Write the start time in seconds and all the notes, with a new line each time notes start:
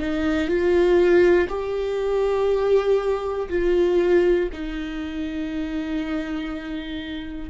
0.00 D#4
0.49 F4
1.49 G4
3.50 F4
4.53 D#4